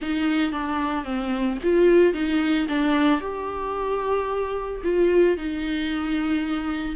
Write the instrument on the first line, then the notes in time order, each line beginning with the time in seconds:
viola
0.01 D#4
0.51 D4
1.04 C4
1.63 F4
2.13 D#4
2.68 D4
3.20 G4
4.83 F4
5.37 D#4